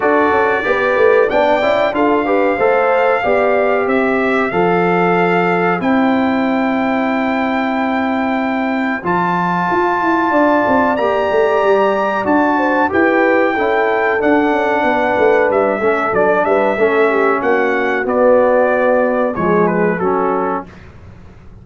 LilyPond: <<
  \new Staff \with { instrumentName = "trumpet" } { \time 4/4 \tempo 4 = 93 d''2 g''4 f''4~ | f''2 e''4 f''4~ | f''4 g''2.~ | g''2 a''2~ |
a''4 ais''2 a''4 | g''2 fis''2 | e''4 d''8 e''4. fis''4 | d''2 cis''8 b'8 a'4 | }
  \new Staff \with { instrumentName = "horn" } { \time 4/4 a'4 b'4 d''4 a'8 b'8 | c''4 d''4 c''2~ | c''1~ | c''1 |
d''2.~ d''8 c''8 | b'4 a'2 b'4~ | b'8 a'4 b'8 a'8 g'8 fis'4~ | fis'2 gis'4 fis'4 | }
  \new Staff \with { instrumentName = "trombone" } { \time 4/4 fis'4 g'4 d'8 e'8 f'8 g'8 | a'4 g'2 a'4~ | a'4 e'2.~ | e'2 f'2~ |
f'4 g'2 fis'4 | g'4 e'4 d'2~ | d'8 cis'8 d'4 cis'2 | b2 gis4 cis'4 | }
  \new Staff \with { instrumentName = "tuba" } { \time 4/4 d'8 cis'8 b8 a8 b8 cis'8 d'4 | a4 b4 c'4 f4~ | f4 c'2.~ | c'2 f4 f'8 e'8 |
d'8 c'8 ais8 a8 g4 d'4 | e'4 cis'4 d'8 cis'8 b8 a8 | g8 a8 fis8 g8 a4 ais4 | b2 f4 fis4 | }
>>